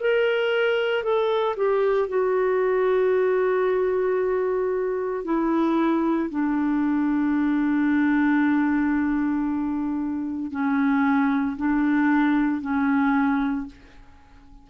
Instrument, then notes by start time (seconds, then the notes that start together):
clarinet
0.00 A#4
1.03 A4
1.56 G4
2.08 F#4
5.24 E4
6.30 D4
10.51 C#4
11.56 D4
12.61 C#4